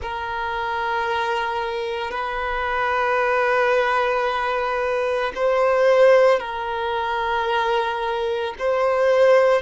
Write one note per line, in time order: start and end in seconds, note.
0.01 2.10 A#4
2.10 5.32 B4
5.35 6.39 C5
6.39 8.54 A#4
8.59 9.61 C5